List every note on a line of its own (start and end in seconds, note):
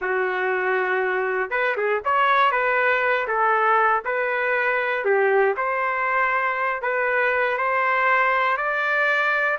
0.01 1.50 F#4
1.50 1.75 B4
1.76 2.02 G#4
2.04 2.51 C#5
2.51 3.27 B4
3.27 4.03 A4
4.05 5.04 B4
5.04 5.55 G4
5.56 6.82 C5
6.82 7.57 B4
7.57 8.57 C5
8.57 9.58 D5